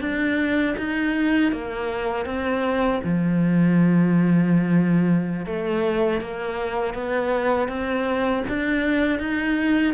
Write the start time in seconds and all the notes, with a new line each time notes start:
0.00 D4
0.77 D#4
1.52 A#3
2.25 C4
3.03 F3
5.45 A3
6.20 A#3
6.93 B3
7.68 C4
8.48 D4
9.19 D#4